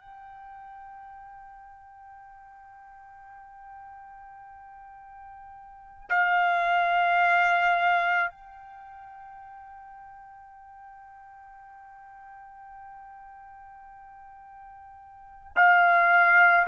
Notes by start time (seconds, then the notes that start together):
0.00 G5
6.09 F5
8.29 G5
15.56 F5